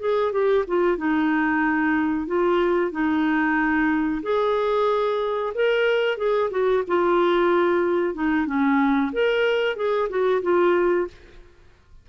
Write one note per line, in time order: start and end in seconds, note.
0.00 0.32 G#4
0.32 0.65 G4
0.67 0.98 F4
0.98 2.27 D#4
2.27 2.91 F4
2.91 4.22 D#4
4.23 5.53 G#4
5.54 6.17 A#4
6.17 6.50 G#4
6.51 6.83 F#4
6.87 8.14 F4
8.14 8.46 D#4
8.46 9.12 C#4
9.12 9.76 A#4
9.76 10.09 G#4
10.09 10.42 F#4
10.42 11.07 F4